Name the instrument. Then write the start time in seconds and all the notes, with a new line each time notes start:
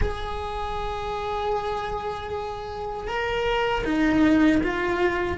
cello
0.01 G#4
3.07 A#4
3.84 D#4
4.63 F4